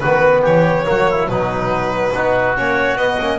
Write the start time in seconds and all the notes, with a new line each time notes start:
0.00 D#3 B3 F#4 B4
0.42 E3 G4 C#5
0.85 F#3 A#3 F#4
1.11 E4
1.29 B2 F#3 D#4 B4
2.14 B3 D#4 F#4
2.57 A#3 C#4 C#5
2.96 B3 D#5
3.19 A#3 C#4